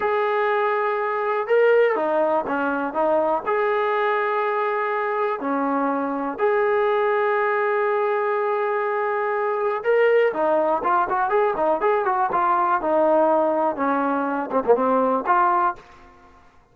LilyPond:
\new Staff \with { instrumentName = "trombone" } { \time 4/4 \tempo 4 = 122 gis'2. ais'4 | dis'4 cis'4 dis'4 gis'4~ | gis'2. cis'4~ | cis'4 gis'2.~ |
gis'1 | ais'4 dis'4 f'8 fis'8 gis'8 dis'8 | gis'8 fis'8 f'4 dis'2 | cis'4. c'16 ais16 c'4 f'4 | }